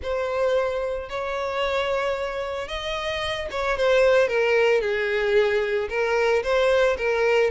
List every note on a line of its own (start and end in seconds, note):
0.02 1.09 C5
1.09 2.68 C#5
2.68 3.48 D#5
3.50 3.77 C#5
3.77 4.28 C5
4.28 4.81 A#4
4.81 5.88 G#4
5.89 6.42 A#4
6.43 6.96 C5
6.97 7.50 A#4